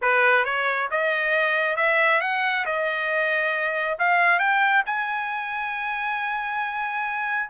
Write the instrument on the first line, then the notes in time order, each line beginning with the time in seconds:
trumpet
0.01 B4
0.45 C#5
0.90 D#5
1.76 E5
2.21 F#5
2.65 D#5
3.98 F5
4.39 G5
4.85 G#5